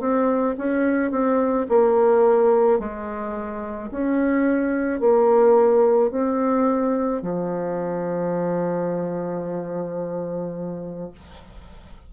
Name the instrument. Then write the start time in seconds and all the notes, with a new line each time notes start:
bassoon
0.00 C4
0.58 C#4
1.11 C4
1.68 A#3
2.79 G#3
3.91 C#4
4.99 A#3
6.11 C4
7.22 F3